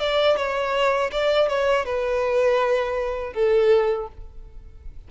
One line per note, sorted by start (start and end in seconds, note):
0.00 0.36 D5
0.36 1.10 C#5
1.12 1.48 D5
1.48 1.85 C#5
1.85 3.33 B4
3.34 4.08 A4